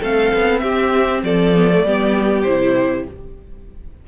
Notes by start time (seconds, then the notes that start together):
0.00 A3 C4 A4 F5
0.34 B3
0.59 C4 G4 E5
1.23 F3 A4 D5
1.55 B3
1.71 A3
1.83 G3 B3 G4
2.43 C3 E4 C5